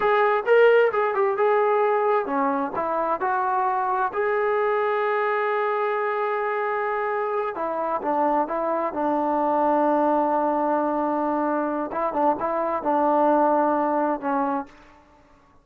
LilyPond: \new Staff \with { instrumentName = "trombone" } { \time 4/4 \tempo 4 = 131 gis'4 ais'4 gis'8 g'8 gis'4~ | gis'4 cis'4 e'4 fis'4~ | fis'4 gis'2.~ | gis'1~ |
gis'8 e'4 d'4 e'4 d'8~ | d'1~ | d'2 e'8 d'8 e'4 | d'2. cis'4 | }